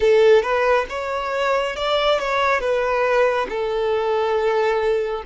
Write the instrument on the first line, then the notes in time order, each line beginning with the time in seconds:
violin
0.00 A4
0.42 B4
0.89 C#5
1.76 D5
2.19 C#5
2.59 B4
3.49 A4